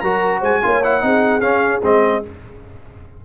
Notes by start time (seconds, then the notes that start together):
0.00 F#3 F#4 A#4 A#5
0.39 G#3 C5 G#5
0.62 A#3 F4 C#5
0.83 E4 F#5
1.01 C4 D#4 G#4
1.40 C#4 F5
1.83 G#3 C4 D#5